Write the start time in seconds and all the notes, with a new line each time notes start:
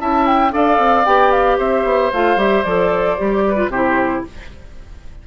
0.00 C#4 E4 E5 A5
0.27 G5
0.51 D4 A4 D5 F5
0.79 C4
1.05 B3 G4 G5
1.32 F5
1.58 C4 C5 E5
1.84 B3
2.13 A3 F4 F5
2.37 G3 G4 E5
2.64 F3 A4 D5
3.18 G3 G4
3.48 B4
3.56 F4
3.68 C3 E4 G4 C5